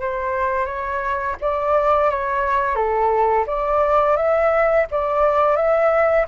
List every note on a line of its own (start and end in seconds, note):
0.00 0.65 C5
0.65 1.35 C#5
1.40 2.10 D5
2.10 2.75 C#5
2.75 3.45 A4
3.46 4.16 D5
4.16 4.86 E5
4.91 5.56 D5
5.56 6.26 E5